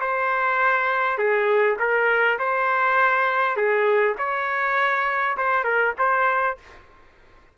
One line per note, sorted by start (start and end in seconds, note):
0.00 1.17 C5
1.17 1.77 G#4
1.79 2.38 A#4
2.39 3.56 C5
3.56 4.16 G#4
4.18 5.37 C#5
5.37 5.64 C5
5.64 5.94 A#4
5.98 6.57 C5